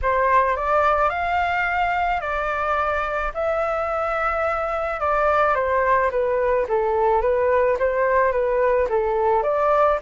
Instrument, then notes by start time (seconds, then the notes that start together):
flute
0.02 C5
0.56 D5
1.09 F5
2.20 D5
3.33 E5
5.00 D5
5.54 C5
6.10 B4
6.68 A4
7.21 B4
7.79 C5
8.32 B4
8.89 A4
9.42 D5